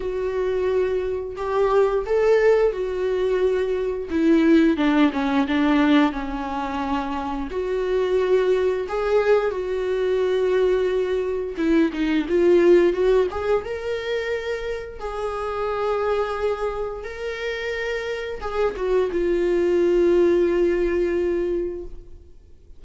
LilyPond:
\new Staff \with { instrumentName = "viola" } { \time 4/4 \tempo 4 = 88 fis'2 g'4 a'4 | fis'2 e'4 d'8 cis'8 | d'4 cis'2 fis'4~ | fis'4 gis'4 fis'2~ |
fis'4 e'8 dis'8 f'4 fis'8 gis'8 | ais'2 gis'2~ | gis'4 ais'2 gis'8 fis'8 | f'1 | }